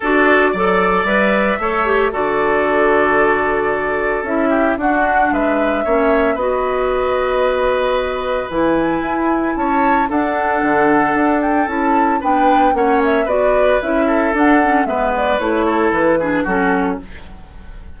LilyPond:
<<
  \new Staff \with { instrumentName = "flute" } { \time 4/4 \tempo 4 = 113 d''2 e''2 | d''1 | e''4 fis''4 e''2 | dis''1 |
gis''2 a''4 fis''4~ | fis''4. g''8 a''4 g''4 | fis''8 e''8 d''4 e''4 fis''4 | e''8 d''8 cis''4 b'4 a'4 | }
  \new Staff \with { instrumentName = "oboe" } { \time 4/4 a'4 d''2 cis''4 | a'1~ | a'8 g'8 fis'4 b'4 cis''4 | b'1~ |
b'2 cis''4 a'4~ | a'2. b'4 | cis''4 b'4. a'4. | b'4. a'4 gis'8 fis'4 | }
  \new Staff \with { instrumentName = "clarinet" } { \time 4/4 fis'4 a'4 b'4 a'8 g'8 | fis'1 | e'4 d'2 cis'4 | fis'1 |
e'2. d'4~ | d'2 e'4 d'4 | cis'4 fis'4 e'4 d'8 cis'8 | b4 e'4. d'8 cis'4 | }
  \new Staff \with { instrumentName = "bassoon" } { \time 4/4 d'4 fis4 g4 a4 | d1 | cis'4 d'4 gis4 ais4 | b1 |
e4 e'4 cis'4 d'4 | d4 d'4 cis'4 b4 | ais4 b4 cis'4 d'4 | gis4 a4 e4 fis4 | }
>>